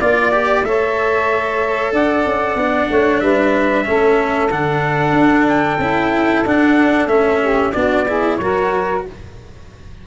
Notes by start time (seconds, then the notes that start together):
0.00 A#3 F4 D5
0.32 G4
0.63 A3 A4 C#5 E5
1.93 D4 D5 F#5
2.26 C#4
2.55 B3 D4
2.90 A3 C#5
3.20 G3 B4 E5
3.85 A3 C#4 A4
4.51 D3 D4 F#5
5.13 D4
5.49 G5
5.79 C#4 E4
6.46 D4 F#5
7.07 A3 C#4 E5
7.41 G4
7.73 B3 D4 F#4 D5
8.07 E4 G#4
8.37 F#3 F#4 A#4 C#5